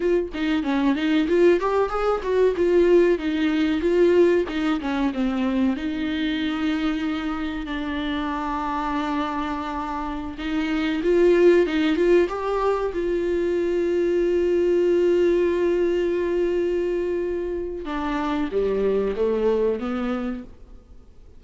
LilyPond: \new Staff \with { instrumentName = "viola" } { \time 4/4 \tempo 4 = 94 f'8 dis'8 cis'8 dis'8 f'8 g'8 gis'8 fis'8 | f'4 dis'4 f'4 dis'8 cis'8 | c'4 dis'2. | d'1~ |
d'16 dis'4 f'4 dis'8 f'8 g'8.~ | g'16 f'2.~ f'8.~ | f'1 | d'4 g4 a4 b4 | }